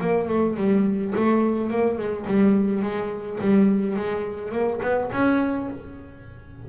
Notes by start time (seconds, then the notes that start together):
0.00 A#3
0.28 A3
0.56 G3
1.15 A3
1.70 A#3
1.97 G#3
2.26 G3
2.82 G#3
3.40 G3
3.96 G#3
4.51 A#3
4.82 B3
5.12 C#4